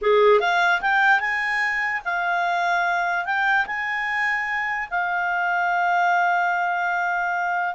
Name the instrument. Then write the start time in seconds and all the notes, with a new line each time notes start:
clarinet
0.01 G#4
0.40 F5
0.81 G5
1.20 G#5
2.04 F5
3.25 G5
3.66 G#5
4.90 F5